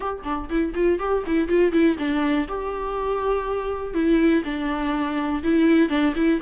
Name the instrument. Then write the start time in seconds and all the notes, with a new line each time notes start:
viola
0.00 G4
0.24 D4
0.49 E4
0.74 F4
0.99 G4
1.26 E4
1.48 F4
1.72 E4
1.98 D4
2.47 G4
3.94 E4
4.44 D4
5.43 E4
5.89 D4
6.15 E4